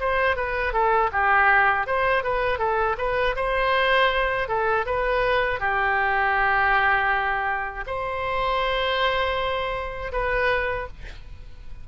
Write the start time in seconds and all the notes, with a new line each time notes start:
0.00 C5
0.36 B4
0.73 A4
1.12 G4
1.86 C5
2.23 B4
2.59 A4
2.98 B4
3.36 C5
4.48 A4
4.86 B4
5.60 G4
7.87 C5
10.12 B4